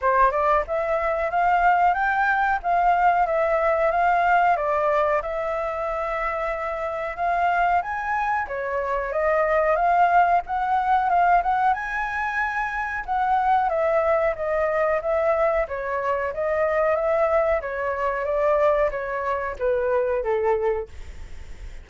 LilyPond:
\new Staff \with { instrumentName = "flute" } { \time 4/4 \tempo 4 = 92 c''8 d''8 e''4 f''4 g''4 | f''4 e''4 f''4 d''4 | e''2. f''4 | gis''4 cis''4 dis''4 f''4 |
fis''4 f''8 fis''8 gis''2 | fis''4 e''4 dis''4 e''4 | cis''4 dis''4 e''4 cis''4 | d''4 cis''4 b'4 a'4 | }